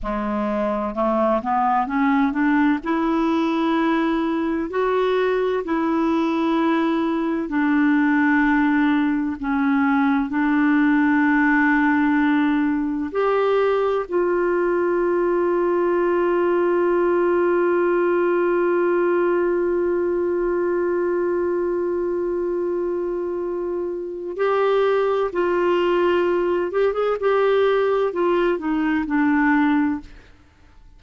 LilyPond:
\new Staff \with { instrumentName = "clarinet" } { \time 4/4 \tempo 4 = 64 gis4 a8 b8 cis'8 d'8 e'4~ | e'4 fis'4 e'2 | d'2 cis'4 d'4~ | d'2 g'4 f'4~ |
f'1~ | f'1~ | f'2 g'4 f'4~ | f'8 g'16 gis'16 g'4 f'8 dis'8 d'4 | }